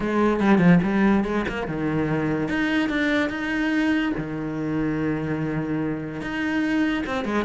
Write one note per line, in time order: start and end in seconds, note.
0.00 0.40 G#3
0.40 0.58 G3
0.58 0.79 F3
0.83 1.24 G3
1.24 1.45 G#3
1.48 1.67 A#3
1.67 2.48 D#3
2.48 2.89 D#4
2.89 3.29 D4
3.29 4.12 D#4
4.17 6.21 D#3
6.21 7.03 D#4
7.06 7.24 C4
7.24 7.44 G#3